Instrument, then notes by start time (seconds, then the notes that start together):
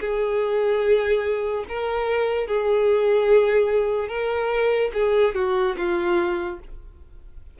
violin
0.00 G#4
1.68 A#4
2.47 G#4
4.08 A#4
4.94 G#4
5.35 F#4
5.77 F4